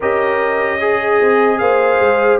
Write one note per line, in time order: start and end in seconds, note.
0.00 1.21 C#4
0.00 0.80 G4
0.00 0.79 A#4
0.00 1.58 D#5
0.80 1.60 G#4
0.80 2.40 G#4
1.21 1.61 C4
1.58 2.00 A#3
1.58 2.40 C5
1.58 2.38 F5
2.00 2.40 G#3